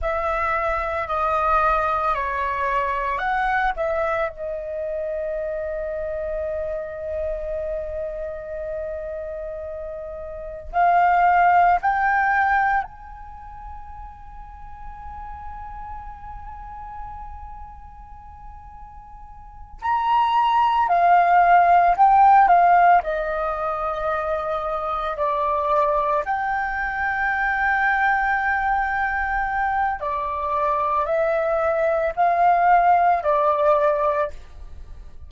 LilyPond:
\new Staff \with { instrumentName = "flute" } { \time 4/4 \tempo 4 = 56 e''4 dis''4 cis''4 fis''8 e''8 | dis''1~ | dis''2 f''4 g''4 | gis''1~ |
gis''2~ gis''8 ais''4 f''8~ | f''8 g''8 f''8 dis''2 d''8~ | d''8 g''2.~ g''8 | d''4 e''4 f''4 d''4 | }